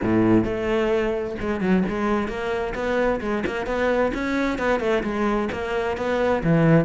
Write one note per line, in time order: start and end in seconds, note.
0.02 0.44 A2
0.44 1.36 A3
1.40 1.60 G#3
1.60 1.83 F#3
1.88 2.28 G#3
2.28 2.73 A#3
2.74 3.20 B3
3.21 3.44 G#3
3.46 3.66 A#3
3.66 4.12 B3
4.14 4.58 C#4
4.58 4.80 B3
4.80 5.03 A3
5.03 5.48 G#3
5.52 5.97 A#3
5.97 6.42 B3
6.43 6.85 E3